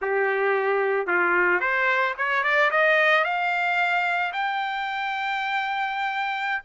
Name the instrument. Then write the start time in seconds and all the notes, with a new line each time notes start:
trumpet
0.01 G4
1.06 F4
1.60 C5
2.17 C#5
2.43 D5
2.71 D#5
3.24 F5
4.32 G5